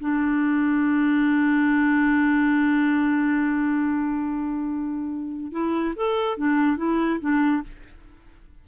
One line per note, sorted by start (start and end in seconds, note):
0.00 5.52 D4
5.52 5.95 E4
5.96 6.38 A4
6.38 6.77 D4
6.77 7.20 E4
7.21 7.63 D4